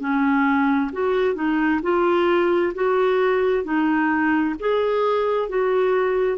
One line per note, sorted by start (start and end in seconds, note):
0.00 0.91 C#4
0.93 1.35 F#4
1.35 1.81 D#4
1.83 2.74 F4
2.75 3.64 F#4
3.64 4.55 D#4
4.60 5.49 G#4
5.49 6.38 F#4